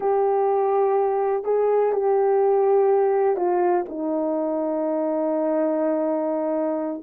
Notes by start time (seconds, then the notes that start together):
0.00 G4
1.44 G#4
1.92 G4
3.36 F4
3.88 D#4